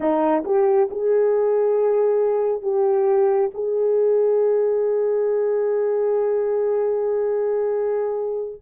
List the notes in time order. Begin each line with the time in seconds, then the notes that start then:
0.00 D#4
0.44 G4
0.90 G#4
2.62 G4
3.53 G#4